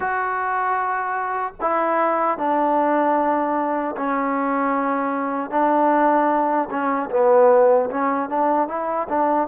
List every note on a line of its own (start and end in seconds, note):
0.00 1.53 F#4
1.60 2.38 E4
2.38 3.95 D4
3.96 5.50 C#4
5.50 6.69 D4
6.70 7.09 C#4
7.10 7.89 B3
7.90 8.29 C#4
8.29 8.68 D4
8.68 9.07 E4
9.09 9.48 D4